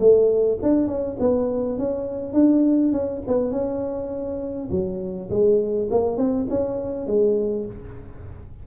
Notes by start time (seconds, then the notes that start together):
0.00 A3
0.63 D4
0.88 C#4
1.20 B3
1.79 C#4
2.34 D4
2.93 C#4
3.28 B3
3.52 C#4
4.71 F#3
5.30 G#3
5.91 A#3
6.18 C4
6.50 C#4
7.07 G#3